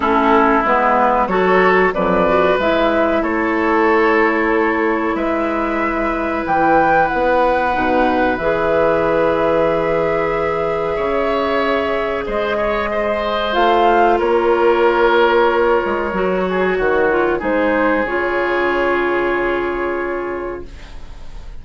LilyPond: <<
  \new Staff \with { instrumentName = "flute" } { \time 4/4 \tempo 4 = 93 a'4 b'4 cis''4 d''4 | e''4 cis''2. | e''2 g''4 fis''4~ | fis''4 e''2.~ |
e''2. dis''4~ | dis''4 f''4 cis''2~ | cis''2. c''4 | cis''1 | }
  \new Staff \with { instrumentName = "oboe" } { \time 4/4 e'2 a'4 b'4~ | b'4 a'2. | b'1~ | b'1~ |
b'4 cis''2 c''8 cis''8 | c''2 ais'2~ | ais'4. gis'8 fis'4 gis'4~ | gis'1 | }
  \new Staff \with { instrumentName = "clarinet" } { \time 4/4 cis'4 b4 fis'4 fis8 fis'8 | e'1~ | e'1 | dis'4 gis'2.~ |
gis'1~ | gis'4 f'2.~ | f'4 fis'4. f'8 dis'4 | f'1 | }
  \new Staff \with { instrumentName = "bassoon" } { \time 4/4 a4 gis4 fis4 f,4 | gis4 a2. | gis2 e4 b4 | b,4 e2.~ |
e4 cis2 gis4~ | gis4 a4 ais2~ | ais8 gis8 fis4 dis4 gis4 | cis1 | }
>>